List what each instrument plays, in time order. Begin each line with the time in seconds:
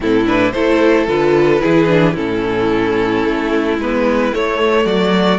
0.00 cello A2, viola C4, violin E4 A4
0.26 viola D4, violin B4
0.51 cello A3, viola E4, violin A4 C5
1.07 cello D3, viola F4, violin B4
1.60 cello E3, viola E4, violin G#4
1.87 viola D4
2.13 cello A2, viola C#4, violin E4 A4
3.25 cello A3
3.78 cello G#3, viola B3, violin B4
4.31 viola A3, cello A3, violin C#5
4.85 cello F#3, violin F#4 D5